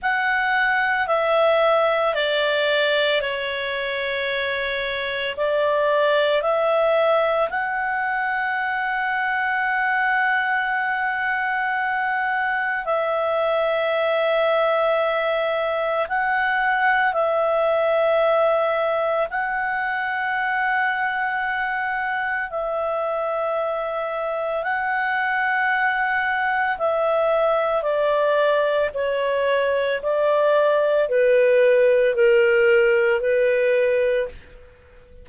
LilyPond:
\new Staff \with { instrumentName = "clarinet" } { \time 4/4 \tempo 4 = 56 fis''4 e''4 d''4 cis''4~ | cis''4 d''4 e''4 fis''4~ | fis''1 | e''2. fis''4 |
e''2 fis''2~ | fis''4 e''2 fis''4~ | fis''4 e''4 d''4 cis''4 | d''4 b'4 ais'4 b'4 | }